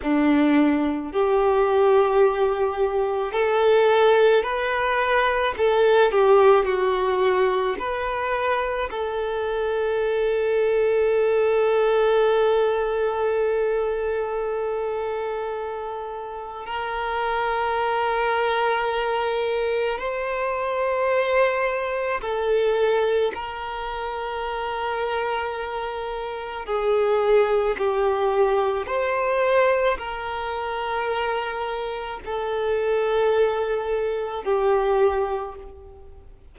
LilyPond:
\new Staff \with { instrumentName = "violin" } { \time 4/4 \tempo 4 = 54 d'4 g'2 a'4 | b'4 a'8 g'8 fis'4 b'4 | a'1~ | a'2. ais'4~ |
ais'2 c''2 | a'4 ais'2. | gis'4 g'4 c''4 ais'4~ | ais'4 a'2 g'4 | }